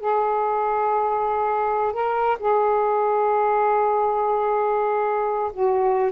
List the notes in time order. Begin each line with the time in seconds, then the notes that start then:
0.00 G#4
1.92 A#4
2.39 G#4
5.53 F#4